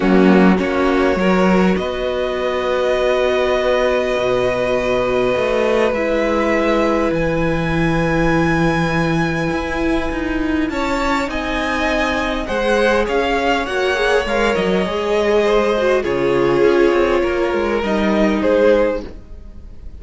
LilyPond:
<<
  \new Staff \with { instrumentName = "violin" } { \time 4/4 \tempo 4 = 101 fis'4 cis''2 dis''4~ | dis''1~ | dis''2 e''2 | gis''1~ |
gis''2 a''4 gis''4~ | gis''4 fis''4 f''4 fis''4 | f''8 dis''2~ dis''8 cis''4~ | cis''2 dis''4 c''4 | }
  \new Staff \with { instrumentName = "violin" } { \time 4/4 cis'4 fis'4 ais'4 b'4~ | b'1~ | b'1~ | b'1~ |
b'2 cis''4 dis''4~ | dis''4 c''4 cis''2~ | cis''2 c''4 gis'4~ | gis'4 ais'2 gis'4 | }
  \new Staff \with { instrumentName = "viola" } { \time 4/4 ais4 cis'4 fis'2~ | fis'1~ | fis'2 e'2~ | e'1~ |
e'2. dis'4~ | dis'4 gis'2 fis'8 gis'8 | ais'4 gis'4. fis'8 f'4~ | f'2 dis'2 | }
  \new Staff \with { instrumentName = "cello" } { \time 4/4 fis4 ais4 fis4 b4~ | b2. b,4~ | b,4 a4 gis2 | e1 |
e'4 dis'4 cis'4 c'4~ | c'4 gis4 cis'4 ais4 | gis8 fis8 gis2 cis4 | cis'8 c'8 ais8 gis8 g4 gis4 | }
>>